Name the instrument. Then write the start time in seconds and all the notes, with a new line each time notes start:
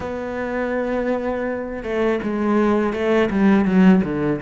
cello
0.00 B3
1.83 A3
2.23 G#3
2.93 A3
3.30 G3
3.65 F#3
4.03 D3